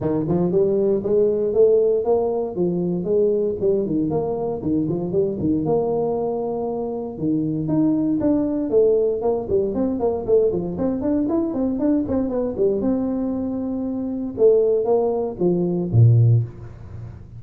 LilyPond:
\new Staff \with { instrumentName = "tuba" } { \time 4/4 \tempo 4 = 117 dis8 f8 g4 gis4 a4 | ais4 f4 gis4 g8 dis8 | ais4 dis8 f8 g8 dis8 ais4~ | ais2 dis4 dis'4 |
d'4 a4 ais8 g8 c'8 ais8 | a8 f8 c'8 d'8 e'8 c'8 d'8 c'8 | b8 g8 c'2. | a4 ais4 f4 ais,4 | }